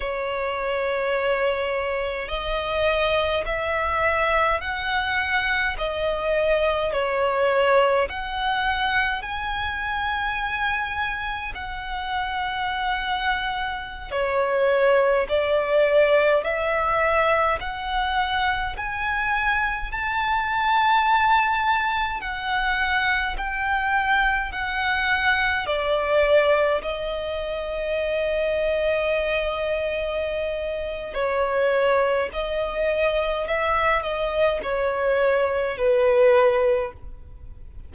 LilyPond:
\new Staff \with { instrumentName = "violin" } { \time 4/4 \tempo 4 = 52 cis''2 dis''4 e''4 | fis''4 dis''4 cis''4 fis''4 | gis''2 fis''2~ | fis''16 cis''4 d''4 e''4 fis''8.~ |
fis''16 gis''4 a''2 fis''8.~ | fis''16 g''4 fis''4 d''4 dis''8.~ | dis''2. cis''4 | dis''4 e''8 dis''8 cis''4 b'4 | }